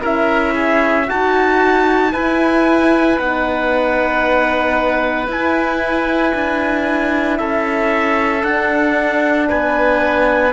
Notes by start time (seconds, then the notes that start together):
0.00 C#4 E4 A#4 E5
0.54 G#4
1.07 D#4 F#4 A5
2.12 E4 B4 G#5
3.18 B3 D#4 F#5
5.27 E4 G#5
6.34 D4
7.38 C#4 A4 E5
8.43 D4 F#5
9.49 B3 B4 G#5